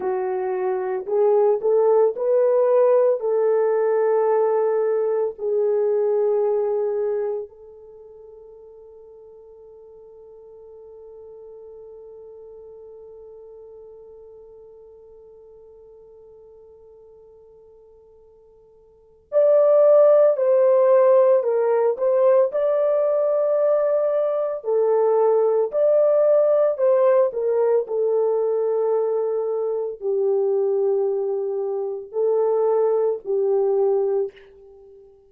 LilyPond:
\new Staff \with { instrumentName = "horn" } { \time 4/4 \tempo 4 = 56 fis'4 gis'8 a'8 b'4 a'4~ | a'4 gis'2 a'4~ | a'1~ | a'1~ |
a'2 d''4 c''4 | ais'8 c''8 d''2 a'4 | d''4 c''8 ais'8 a'2 | g'2 a'4 g'4 | }